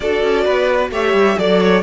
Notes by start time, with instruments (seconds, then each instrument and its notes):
0.00 cello D4, viola F#4, violin A4 D5
0.23 cello C#4
0.44 cello B3, violin B4
0.90 cello A3, viola G4, violin C#5 E5
1.13 cello G3
1.37 cello F#3, viola A4, violin D5
1.60 violin C#5